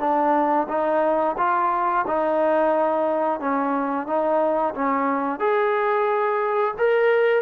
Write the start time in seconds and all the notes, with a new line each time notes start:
0.00 D4
0.69 D#4
1.38 F4
2.08 D#4
3.40 C#4
4.07 D#4
4.75 C#4
5.40 G#4
6.79 A#4